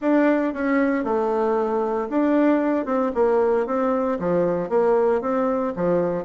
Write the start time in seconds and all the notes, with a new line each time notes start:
0.01 D4
0.53 C#4
1.03 A3
2.09 D4
2.85 C4
3.14 A#3
3.66 C4
4.19 F3
4.69 A#3
5.21 C4
5.76 F3